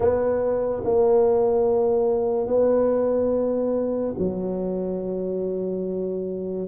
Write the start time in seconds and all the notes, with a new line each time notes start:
0.00 B3
0.84 A#3
2.47 B3
4.18 F#3